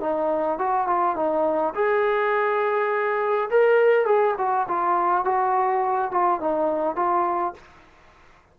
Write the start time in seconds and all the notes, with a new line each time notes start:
0.00 D#4
0.58 F#4
0.87 F4
1.15 D#4
1.74 G#4
3.50 A#4
4.05 G#4
4.38 F#4
4.68 F4
5.24 F#4
6.11 F4
6.40 D#4
6.96 F4